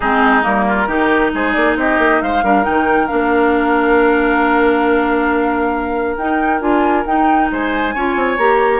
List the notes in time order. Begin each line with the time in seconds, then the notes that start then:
0.00 G#3 C4 D#4 G#4
0.42 G3 A#3 A#4
0.68 F4
0.87 D#3 D#4 G4
1.34 G#3 G#4 C5
1.52 A#3 D5
1.76 C4 G4 D#5
1.98 A#3
2.21 G#3 C5 F5
2.43 G3 D4 A#4
2.62 D#4 G5
2.68 D#3
3.07 A#3 D4 F5
6.16 D#4 G5
6.60 D4 F4 G#5
7.05 D#4 G5
7.51 G#3 C5 G#5
7.94 C#4 F4 C#5
8.16 C4
8.37 A#3 G4 A#5